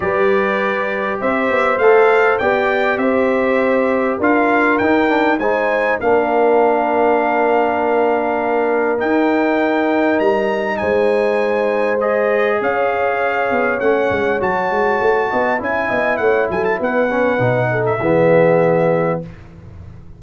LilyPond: <<
  \new Staff \with { instrumentName = "trumpet" } { \time 4/4 \tempo 4 = 100 d''2 e''4 f''4 | g''4 e''2 f''4 | g''4 gis''4 f''2~ | f''2. g''4~ |
g''4 ais''4 gis''2 | dis''4 f''2 fis''4 | a''2 gis''4 fis''8 gis''16 a''16 | fis''4.~ fis''16 e''2~ e''16 | }
  \new Staff \with { instrumentName = "horn" } { \time 4/4 b'2 c''2 | d''4 c''2 ais'4~ | ais'4 c''4 ais'2~ | ais'1~ |
ais'2 c''2~ | c''4 cis''2.~ | cis''4. dis''8 e''8 dis''8 cis''8 a'8 | b'4. a'8 gis'2 | }
  \new Staff \with { instrumentName = "trombone" } { \time 4/4 g'2. a'4 | g'2. f'4 | dis'8 d'8 dis'4 d'2~ | d'2. dis'4~ |
dis'1 | gis'2. cis'4 | fis'2 e'2~ | e'8 cis'8 dis'4 b2 | }
  \new Staff \with { instrumentName = "tuba" } { \time 4/4 g2 c'8 b8 a4 | b4 c'2 d'4 | dis'4 gis4 ais2~ | ais2. dis'4~ |
dis'4 g4 gis2~ | gis4 cis'4. b8 a8 gis8 | fis8 gis8 a8 b8 cis'8 b8 a8 fis8 | b4 b,4 e2 | }
>>